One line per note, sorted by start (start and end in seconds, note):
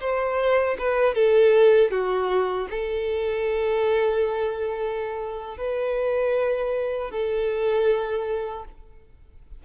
0.00 0.77 C5
0.78 1.14 B4
1.14 1.91 A4
1.91 2.68 F#4
2.70 5.57 A4
5.57 7.11 B4
7.11 8.65 A4